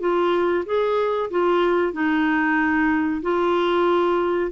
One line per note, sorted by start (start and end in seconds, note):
0.00 0.65 F4
0.65 1.30 G#4
1.30 1.92 F4
1.92 3.21 D#4
3.22 4.51 F4